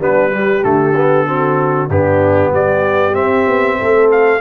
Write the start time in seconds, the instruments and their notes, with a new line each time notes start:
0.00 tuba G3, trombone B3, horn D4, trumpet B4
0.33 trombone G3, horn G4
0.62 tuba D3, trombone A3, trumpet A4
0.96 trombone B3
1.27 trombone C4, horn F#4
1.90 tuba G2, trombone B3, horn D4, trumpet G4
2.52 tuba G3, horn G4, trumpet D5
3.13 trombone C4, tuba C4, trumpet E5
3.48 tuba B3
3.79 tuba A3, horn A4
4.11 trumpet F5